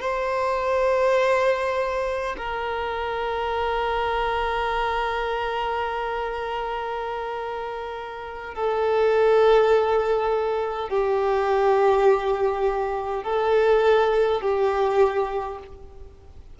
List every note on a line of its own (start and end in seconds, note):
0.00 2.35 C5
2.37 8.54 A#4
8.54 10.89 A4
10.89 13.24 G4
13.24 14.41 A4
14.41 15.59 G4